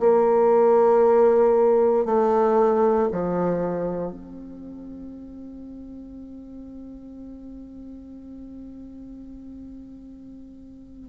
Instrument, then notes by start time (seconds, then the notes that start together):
bassoon
0.00 A#3
2.05 A3
3.12 F3
4.12 C4